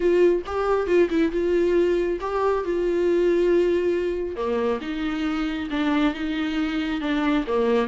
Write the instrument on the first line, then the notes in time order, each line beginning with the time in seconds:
viola
0.00 F4
0.45 G4
0.86 F4
1.10 E4
1.31 F4
2.20 G4
2.64 F4
4.36 A#3
4.81 D#4
5.70 D4
6.14 D#4
7.01 D4
7.47 A#3